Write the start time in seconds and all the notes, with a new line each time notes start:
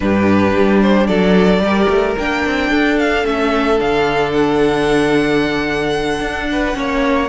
0.00 G2 D4 G4 B4
0.56 G3
0.81 C5
1.07 F#3 A4 D5
1.59 G3 G4 A#4
1.88 A3
2.18 A#3 D4 G5
2.45 C4
2.69 D4 A4
2.99 F5
3.24 A3 C#4 E5
3.77 D3 D4 F5
4.32 F#5
6.20 D4
6.51 B4
6.73 A#3 C#4 C#5